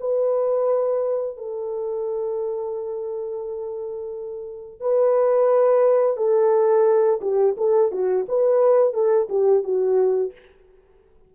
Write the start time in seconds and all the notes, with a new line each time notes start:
0.00 B4
1.37 A4
4.81 B4
6.17 A4
7.21 G4
7.57 A4
7.92 F#4
8.29 B4
8.93 A4
9.29 G4
9.64 F#4